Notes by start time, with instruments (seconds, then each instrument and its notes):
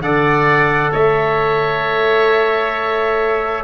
0.00 tuba D3, trombone A4, oboe D5, trumpet F#5
0.91 tuba A3, oboe C#5, trumpet E5